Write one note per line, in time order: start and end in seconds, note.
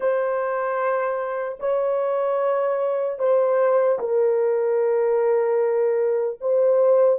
0.00 1.58 C5
1.59 3.19 C#5
3.19 3.99 C5
3.99 6.39 A#4
6.40 7.19 C5